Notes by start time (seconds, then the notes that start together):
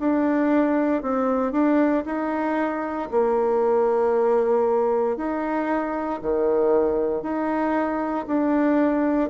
0.00 D4
1.03 C4
1.52 D4
2.06 D#4
3.11 A#3
5.17 D#4
6.23 D#3
7.23 D#4
8.28 D4